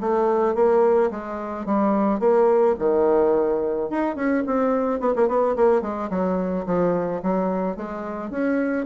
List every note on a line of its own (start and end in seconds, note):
0.00 0.55 A3
0.55 1.10 A#3
1.11 1.65 G#3
1.65 2.19 G3
2.19 2.75 A#3
2.79 3.89 D#3
3.89 4.15 D#4
4.15 4.43 C#4
4.46 5.00 C4
5.00 5.14 B3
5.15 5.28 A#3
5.28 5.55 B3
5.56 5.81 A#3
5.81 6.09 G#3
6.10 6.65 F#3
6.66 7.21 F3
7.22 7.76 F#3
7.76 8.30 G#3
8.30 8.85 C#4